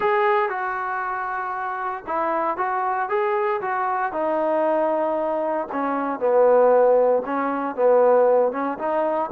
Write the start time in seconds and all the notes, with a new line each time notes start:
0.00 G#4
0.49 F#4
2.06 E4
2.57 F#4
3.09 G#4
3.61 F#4
4.12 D#4
5.72 C#4
6.19 B3
7.25 C#4
7.75 B3
8.52 C#4
8.78 D#4